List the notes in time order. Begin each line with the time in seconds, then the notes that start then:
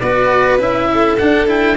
0.00 B3 F#4 B4 D5
0.58 C#4 E4 E5
0.93 A4
1.17 D4 F#5
1.47 E4 G5